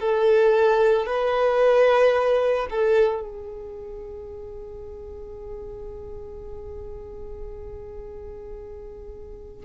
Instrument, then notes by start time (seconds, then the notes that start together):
violin
0.00 A4
1.06 B4
2.70 A4
3.21 G#4